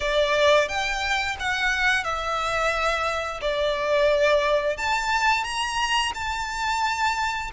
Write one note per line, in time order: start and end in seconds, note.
0.00 0.68 D5
0.68 1.36 G5
1.39 2.04 F#5
2.04 3.40 E5
3.41 4.77 D5
4.77 5.44 A5
5.44 6.12 A#5
6.14 7.50 A5